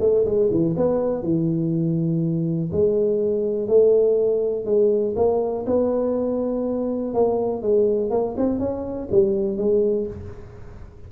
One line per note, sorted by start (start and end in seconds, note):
0.00 0.25 A3
0.25 0.50 G#3
0.51 0.75 E3
0.77 1.23 B3
1.23 2.70 E3
2.72 3.68 G#3
3.68 4.65 A3
4.65 5.14 G#3
5.16 5.65 A#3
5.66 7.14 B3
7.14 7.62 A#3
7.62 8.11 G#3
8.11 8.35 A#3
8.37 8.59 C4
8.59 9.08 C#4
9.11 9.58 G3
9.58 10.07 G#3